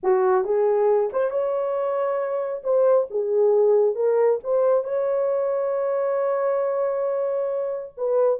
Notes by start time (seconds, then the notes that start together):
0.03 F#4
0.44 G#4
1.12 C5
1.30 C#5
2.63 C5
3.10 G#4
3.95 A#4
4.43 C5
4.84 C#5
7.97 B4